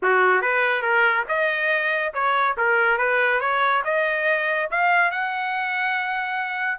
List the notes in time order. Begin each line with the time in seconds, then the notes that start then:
0.02 F#4
0.41 B4
0.81 A#4
1.28 D#5
2.13 C#5
2.57 A#4
2.97 B4
3.40 C#5
3.84 D#5
4.70 F5
5.11 F#5